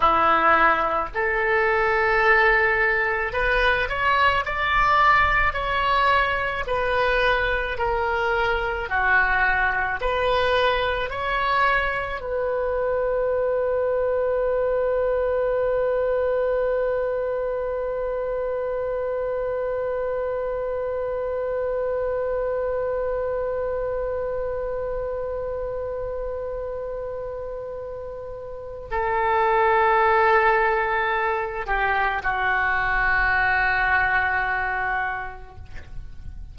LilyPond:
\new Staff \with { instrumentName = "oboe" } { \time 4/4 \tempo 4 = 54 e'4 a'2 b'8 cis''8 | d''4 cis''4 b'4 ais'4 | fis'4 b'4 cis''4 b'4~ | b'1~ |
b'1~ | b'1~ | b'2 a'2~ | a'8 g'8 fis'2. | }